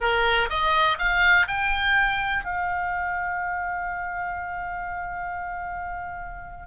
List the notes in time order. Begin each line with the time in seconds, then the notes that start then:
0.00 A#4
0.49 D#5
0.98 F5
1.47 G5
2.44 F5